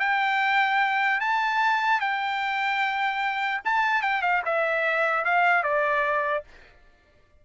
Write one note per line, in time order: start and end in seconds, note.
0.00 1.21 G5
1.21 2.01 A5
2.01 3.62 G5
3.65 4.02 A5
4.02 4.23 G5
4.23 4.43 F5
4.46 5.25 E5
5.25 5.64 F5
5.64 6.44 D5